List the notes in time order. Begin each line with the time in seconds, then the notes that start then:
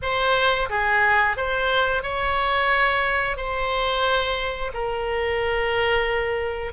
0.02 C5
0.69 G#4
1.36 C5
2.03 C#5
3.36 C5
4.73 A#4